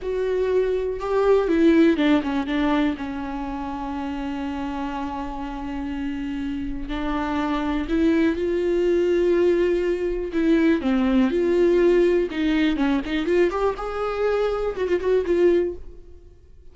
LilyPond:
\new Staff \with { instrumentName = "viola" } { \time 4/4 \tempo 4 = 122 fis'2 g'4 e'4 | d'8 cis'8 d'4 cis'2~ | cis'1~ | cis'2 d'2 |
e'4 f'2.~ | f'4 e'4 c'4 f'4~ | f'4 dis'4 cis'8 dis'8 f'8 g'8 | gis'2 fis'16 f'16 fis'8 f'4 | }